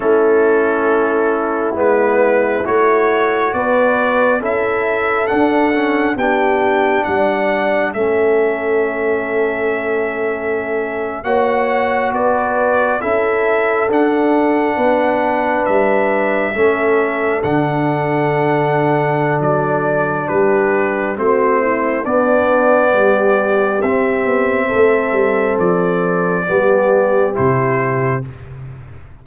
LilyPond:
<<
  \new Staff \with { instrumentName = "trumpet" } { \time 4/4 \tempo 4 = 68 a'2 b'4 cis''4 | d''4 e''4 fis''4 g''4 | fis''4 e''2.~ | e''8. fis''4 d''4 e''4 fis''16~ |
fis''4.~ fis''16 e''2 fis''16~ | fis''2 d''4 b'4 | c''4 d''2 e''4~ | e''4 d''2 c''4 | }
  \new Staff \with { instrumentName = "horn" } { \time 4/4 e'1 | b'4 a'2 g'4 | d''4 a'2.~ | a'8. cis''4 b'4 a'4~ a'16~ |
a'8. b'2 a'4~ a'16~ | a'2. g'4 | fis'8 e'8 d'4 g'2 | a'2 g'2 | }
  \new Staff \with { instrumentName = "trombone" } { \time 4/4 cis'2 b4 fis'4~ | fis'4 e'4 d'8 cis'8 d'4~ | d'4 cis'2.~ | cis'8. fis'2 e'4 d'16~ |
d'2~ d'8. cis'4 d'16~ | d'1 | c'4 b2 c'4~ | c'2 b4 e'4 | }
  \new Staff \with { instrumentName = "tuba" } { \time 4/4 a2 gis4 a4 | b4 cis'4 d'4 b4 | g4 a2.~ | a8. ais4 b4 cis'4 d'16~ |
d'8. b4 g4 a4 d16~ | d2 fis4 g4 | a4 b4 g4 c'8 b8 | a8 g8 f4 g4 c4 | }
>>